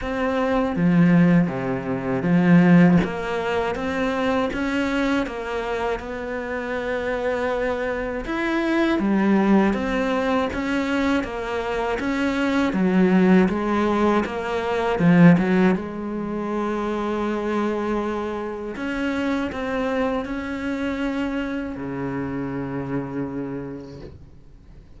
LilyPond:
\new Staff \with { instrumentName = "cello" } { \time 4/4 \tempo 4 = 80 c'4 f4 c4 f4 | ais4 c'4 cis'4 ais4 | b2. e'4 | g4 c'4 cis'4 ais4 |
cis'4 fis4 gis4 ais4 | f8 fis8 gis2.~ | gis4 cis'4 c'4 cis'4~ | cis'4 cis2. | }